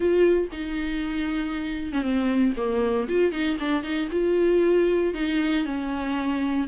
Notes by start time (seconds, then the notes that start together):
0.00 F4
0.52 D#4
1.92 C#4
2.02 C4
2.56 A#3
3.08 F4
3.32 D#4
3.59 D4
3.83 D#4
4.11 F4
5.14 D#4
5.65 C#4